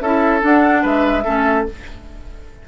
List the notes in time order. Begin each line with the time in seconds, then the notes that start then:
0.00 C#4 E4 A4 E5
0.40 D4 F#5
0.82 G#3 B4 E5
1.24 A3 C#4 A4